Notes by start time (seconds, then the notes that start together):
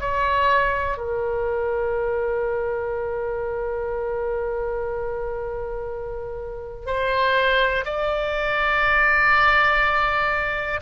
0.00 C#5
0.97 A#4
6.86 C5
7.85 D5